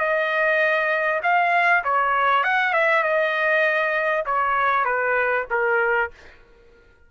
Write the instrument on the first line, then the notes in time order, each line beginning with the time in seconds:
trumpet
0.00 D#5
1.23 F5
1.84 C#5
2.44 F#5
2.73 E5
3.03 D#5
4.26 C#5
4.85 B4
5.50 A#4